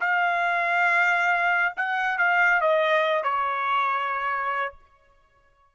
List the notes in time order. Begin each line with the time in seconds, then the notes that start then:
0.00 F5
1.77 F#5
2.18 F5
2.61 D#5
3.23 C#5